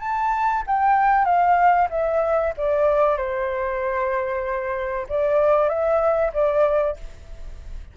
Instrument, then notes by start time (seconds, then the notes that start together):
flute
0.00 A5
0.67 G5
1.25 F5
1.90 E5
2.57 D5
3.17 C5
5.08 D5
5.68 E5
6.33 D5